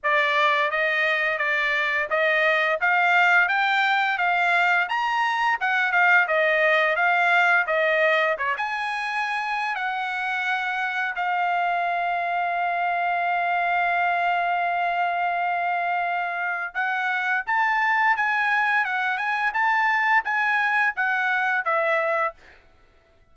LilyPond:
\new Staff \with { instrumentName = "trumpet" } { \time 4/4 \tempo 4 = 86 d''4 dis''4 d''4 dis''4 | f''4 g''4 f''4 ais''4 | fis''8 f''8 dis''4 f''4 dis''4 | cis''16 gis''4.~ gis''16 fis''2 |
f''1~ | f''1 | fis''4 a''4 gis''4 fis''8 gis''8 | a''4 gis''4 fis''4 e''4 | }